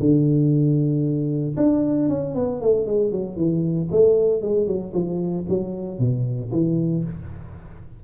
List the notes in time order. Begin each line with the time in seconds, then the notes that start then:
0.00 D3
1.57 D4
2.09 C#4
2.35 B3
2.61 A3
2.87 G#3
3.12 F#3
3.37 E3
3.92 A3
4.43 G#3
4.67 F#3
4.94 F3
5.49 F#3
5.99 B2
6.52 E3